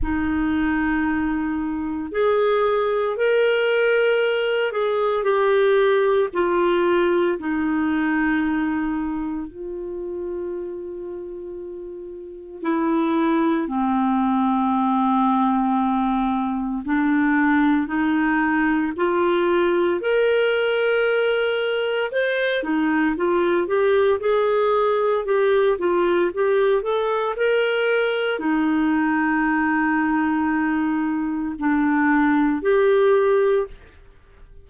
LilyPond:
\new Staff \with { instrumentName = "clarinet" } { \time 4/4 \tempo 4 = 57 dis'2 gis'4 ais'4~ | ais'8 gis'8 g'4 f'4 dis'4~ | dis'4 f'2. | e'4 c'2. |
d'4 dis'4 f'4 ais'4~ | ais'4 c''8 dis'8 f'8 g'8 gis'4 | g'8 f'8 g'8 a'8 ais'4 dis'4~ | dis'2 d'4 g'4 | }